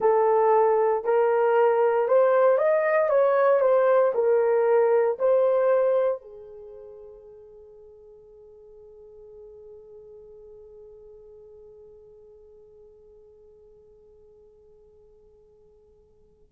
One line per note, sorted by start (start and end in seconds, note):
0.00 1.04 A4
1.04 2.07 A#4
2.07 2.58 C5
2.58 3.09 D#5
3.09 3.60 C#5
3.60 4.12 C5
4.14 5.17 A#4
5.18 6.21 C5
6.21 16.52 G#4